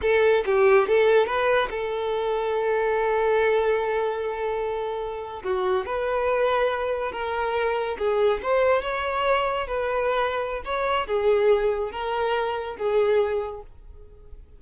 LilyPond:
\new Staff \with { instrumentName = "violin" } { \time 4/4 \tempo 4 = 141 a'4 g'4 a'4 b'4 | a'1~ | a'1~ | a'8. fis'4 b'2~ b'16~ |
b'8. ais'2 gis'4 c''16~ | c''8. cis''2 b'4~ b'16~ | b'4 cis''4 gis'2 | ais'2 gis'2 | }